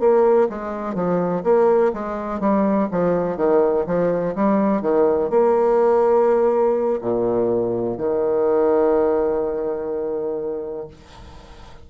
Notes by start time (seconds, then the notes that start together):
0.00 A#3
0.49 G#3
0.95 F3
1.44 A#3
1.94 G#3
2.41 G3
2.91 F3
3.37 D#3
3.87 F3
4.35 G3
4.82 D#3
5.30 A#3
7.01 A#2
7.98 D#3